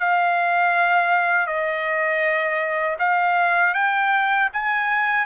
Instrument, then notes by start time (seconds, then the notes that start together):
trumpet
0.00 F5
1.47 D#5
2.99 F5
3.75 G5
4.53 G#5